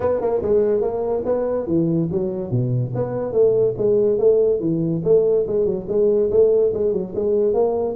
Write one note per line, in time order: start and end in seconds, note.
0.00 0.20 B3
0.20 0.41 A#3
0.41 0.81 G#3
0.81 1.23 A#3
1.25 1.66 B3
1.66 2.08 E3
2.11 2.50 F#3
2.50 2.92 B2
2.94 3.32 B3
3.32 3.74 A3
3.77 4.18 G#3
4.18 4.59 A3
4.59 5.01 E3
5.04 5.46 A3
5.47 5.65 G#3
5.65 5.86 F#3
5.88 6.30 G#3
6.30 6.72 A3
6.73 6.92 G#3
6.92 7.13 F#3
7.15 7.53 G#3
7.53 7.95 A#3